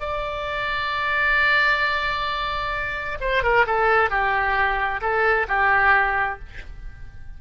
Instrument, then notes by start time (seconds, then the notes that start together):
oboe
0.00 D5
3.20 C5
3.43 A#4
3.66 A4
4.10 G4
5.01 A4
5.48 G4